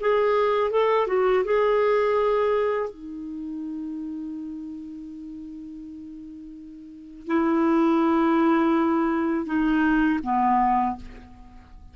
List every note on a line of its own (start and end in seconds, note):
0.00 0.71 G#4
0.71 1.07 A4
1.07 1.44 F#4
1.45 2.90 G#4
2.90 7.27 D#4
7.27 9.46 E4
9.46 10.19 D#4
10.23 10.96 B3